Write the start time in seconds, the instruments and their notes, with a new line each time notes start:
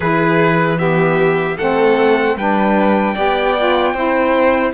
0.00 cello E3, saxophone E4, violin G#4, trumpet B4
0.77 saxophone B3, violin G4, trumpet E5
1.57 cello A3, saxophone C4, violin A4, trumpet F#5
2.36 cello G3, saxophone D4, violin B4, trumpet G5
3.14 cello B3, saxophone G4, violin D5
3.57 saxophone F4
3.93 cello C4, saxophone E4, violin C5